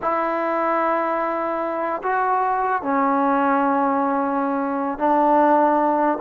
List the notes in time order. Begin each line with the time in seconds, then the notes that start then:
0.01 E4
2.02 F#4
2.82 C#4
4.98 D4